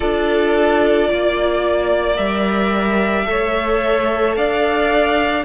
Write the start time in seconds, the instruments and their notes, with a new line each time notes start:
0.00 cello D4, viola F4, violin A4 D5
1.08 cello A#3, violin D5
2.15 cello G3, viola A#4, violin E5
3.25 cello A3, viola A4, violin C#5
4.36 cello D4, violin D5 F5